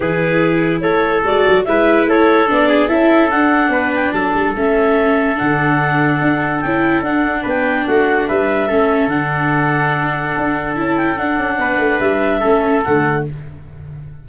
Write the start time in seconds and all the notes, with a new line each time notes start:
0.00 E3 E4 G#4 B4
0.80 A3 A4 C#5
1.24 G#3 F#4 D5
1.47 F#3
1.64 G#3 E4 B4 E5
2.05 A3 A4 C#5
2.47 B3 D4 D5
2.68 G#4
2.88 C#4 E4 A4 E5
3.30 D4 F#5
3.69 B3 B4
3.95 G5
4.11 F#3 A4 A5
4.33 G3
4.55 A3 C#4 E5
5.35 D3 D4 F#5
6.21 D4
6.60 C#4 G5
6.66 E4
7.01 D4 F#5
7.42 B3 B4 G5
7.87 A3 F#4 F#5
8.27 G3 B4 E5
8.67 A3 C#4 A4
9.07 D3 D4 F#5
10.37 D4
10.75 C#4 E4 A5
10.97 G5
11.17 D4 F#5
11.37 C#4
11.57 B3 B4
11.77 A3
11.99 G3 E5
12.40 A3 C#4 A4
12.83 D3 A3 F#5